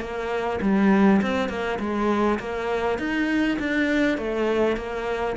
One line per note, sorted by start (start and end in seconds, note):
0.00 0.59 A#3
0.61 1.21 G3
1.22 1.49 C4
1.49 1.78 A#3
1.79 2.39 G#3
2.40 2.99 A#3
2.99 3.58 D#4
3.59 4.17 D4
4.17 4.77 A3
4.77 5.36 A#3